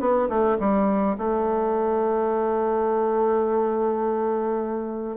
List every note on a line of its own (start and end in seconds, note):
0.00 0.29 B3
0.29 0.57 A3
0.59 1.16 G3
1.18 5.17 A3